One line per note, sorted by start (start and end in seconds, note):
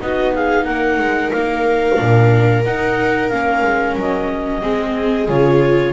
0.00 0.68 B3
0.00 1.96 D#4
0.00 0.34 F#4
0.00 0.34 D#5
0.35 0.65 G#4
0.35 0.65 F5
0.65 0.99 A#3
0.65 4.61 A#4
0.65 1.31 F#5
0.99 1.32 G#3
1.32 1.99 A#3
1.32 2.64 F5
1.96 2.66 A#2
1.96 2.62 D4
2.65 3.32 D#4
2.65 3.31 D#4
2.65 3.30 F#5
3.30 3.63 A#3
3.30 4.62 C#4
3.30 3.95 F5
3.63 3.96 G#3
3.96 4.62 F#3
3.96 5.29 D#5
4.62 5.29 G#3
4.62 5.28 C4
4.62 5.93 G#4
5.29 5.93 C#3
5.29 5.93 F4
5.29 5.93 C#5